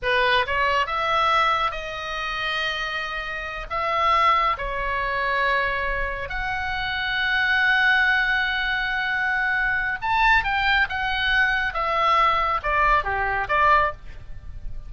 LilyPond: \new Staff \with { instrumentName = "oboe" } { \time 4/4 \tempo 4 = 138 b'4 cis''4 e''2 | dis''1~ | dis''8 e''2 cis''4.~ | cis''2~ cis''8 fis''4.~ |
fis''1~ | fis''2. a''4 | g''4 fis''2 e''4~ | e''4 d''4 g'4 d''4 | }